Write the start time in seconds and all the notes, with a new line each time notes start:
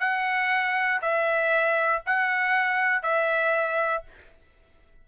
0.00 F#5
1.02 E5
2.06 F#5
3.03 E5